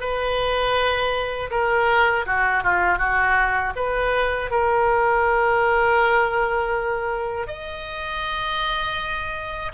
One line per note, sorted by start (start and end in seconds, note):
0.00 1.50 B4
1.50 2.25 A#4
2.26 2.63 F#4
2.63 2.98 F4
2.98 3.73 F#4
3.75 4.50 B4
4.50 7.47 A#4
7.47 9.72 D#5